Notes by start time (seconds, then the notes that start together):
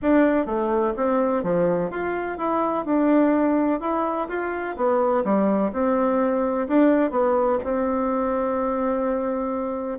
0.02 D4
0.46 A3
0.96 C4
1.43 F3
1.90 F4
2.38 E4
2.85 D4
3.80 E4
4.28 F4
4.76 B3
5.24 G3
5.72 C4
6.68 D4
7.10 B3
7.63 C4